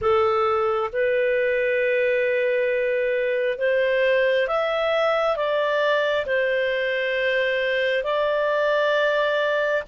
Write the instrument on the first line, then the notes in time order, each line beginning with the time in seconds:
clarinet
0.01 A4
0.92 B4
3.58 C5
4.47 E5
5.36 D5
6.26 C5
8.03 D5